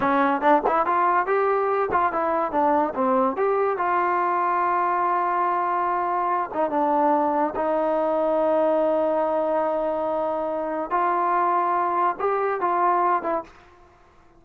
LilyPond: \new Staff \with { instrumentName = "trombone" } { \time 4/4 \tempo 4 = 143 cis'4 d'8 e'8 f'4 g'4~ | g'8 f'8 e'4 d'4 c'4 | g'4 f'2.~ | f'2.~ f'8 dis'8 |
d'2 dis'2~ | dis'1~ | dis'2 f'2~ | f'4 g'4 f'4. e'8 | }